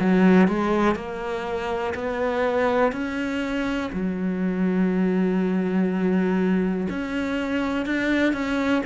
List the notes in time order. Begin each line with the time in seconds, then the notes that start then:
0.00 F#3
0.48 G#3
0.95 A#3
1.94 B3
2.92 C#4
3.93 F#3
6.89 C#4
7.86 D4
8.33 C#4